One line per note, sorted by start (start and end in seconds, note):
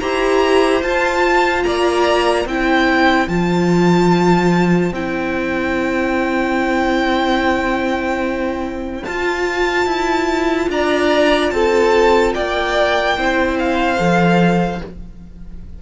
0.00 0.83 E4
0.00 0.83 G4
0.00 1.66 C5
0.00 0.82 A#5
0.83 1.65 F4
0.83 2.48 F4
0.83 1.64 A5
1.64 2.46 A#3
1.64 2.48 D5
1.64 2.46 A#5
2.46 3.28 C4
2.46 3.28 E4
2.46 10.70 C5
2.46 3.29 G5
3.28 4.92 F3
3.28 4.93 F4
3.28 4.93 A5
4.92 9.03 C4
4.92 9.06 E4
4.92 9.05 G5
9.05 9.86 F4
9.05 13.18 F4
9.05 10.69 A5
9.86 10.68 E4
10.70 11.52 D4
10.70 11.54 D5
10.70 11.51 A#5
11.51 12.34 C4
11.51 12.35 A4
11.51 12.33 A5
12.34 13.18 A#3
12.34 13.17 D5
12.34 13.58 G5
13.18 13.99 C4
13.18 13.98 E4
13.18 14.82 C5
13.59 14.83 F5
13.98 14.81 F3
13.98 14.80 A4